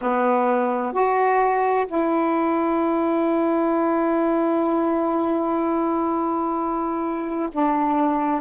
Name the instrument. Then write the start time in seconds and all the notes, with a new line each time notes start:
saxophone
0.01 B3
0.92 F#4
1.86 E4
7.52 D4